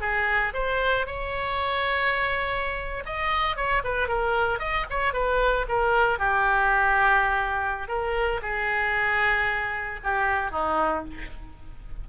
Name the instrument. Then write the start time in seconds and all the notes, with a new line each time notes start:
oboe
0.00 G#4
0.53 C5
1.06 C#5
3.05 D#5
3.56 C#5
3.84 B4
4.08 A#4
4.59 D#5
4.89 C#5
5.13 B4
5.68 A#4
6.18 G4
7.88 A#4
8.42 G#4
10.03 G4
10.51 D#4